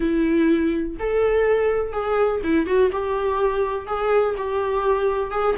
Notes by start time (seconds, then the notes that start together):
0.00 E4
0.99 A4
1.92 G#4
2.43 E4
2.66 F#4
2.92 G4
3.86 G#4
4.37 G4
5.31 G#4